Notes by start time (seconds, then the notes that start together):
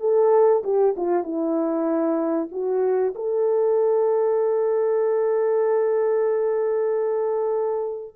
0.00 A4
0.64 G4
0.97 F4
1.24 E4
2.51 F#4
3.15 A4